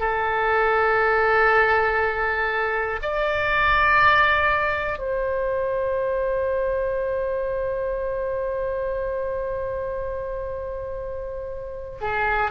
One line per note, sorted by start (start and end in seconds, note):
0.00 3.00 A4
3.02 4.99 D5
4.99 11.99 C5
12.01 12.51 G#4